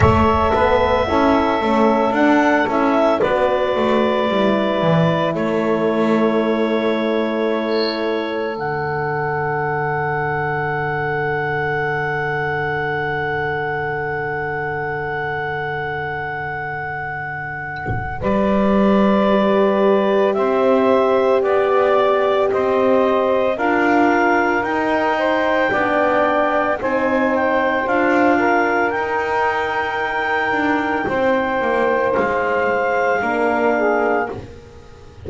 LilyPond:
<<
  \new Staff \with { instrumentName = "clarinet" } { \time 4/4 \tempo 4 = 56 e''2 fis''8 e''8 d''4~ | d''4 cis''2. | fis''1~ | fis''1~ |
fis''4 d''2 e''4 | d''4 dis''4 f''4 g''4~ | g''4 gis''8 g''8 f''4 g''4~ | g''2 f''2 | }
  \new Staff \with { instrumentName = "saxophone" } { \time 4/4 cis''8 b'8 a'2 b'4~ | b'4 a'2.~ | a'1~ | a'1~ |
a'4 b'2 c''4 | d''4 c''4 ais'4. c''8 | d''4 c''4. ais'4.~ | ais'4 c''2 ais'8 gis'8 | }
  \new Staff \with { instrumentName = "horn" } { \time 4/4 a'4 e'8 cis'8 d'8 e'8 fis'4 | e'1 | d'1~ | d'1~ |
d'2 g'2~ | g'2 f'4 dis'4 | d'4 dis'4 f'4 dis'4~ | dis'2. d'4 | }
  \new Staff \with { instrumentName = "double bass" } { \time 4/4 a8 b8 cis'8 a8 d'8 cis'8 b8 a8 | g8 e8 a2. | d1~ | d1~ |
d4 g2 c'4 | b4 c'4 d'4 dis'4 | b4 c'4 d'4 dis'4~ | dis'8 d'8 c'8 ais8 gis4 ais4 | }
>>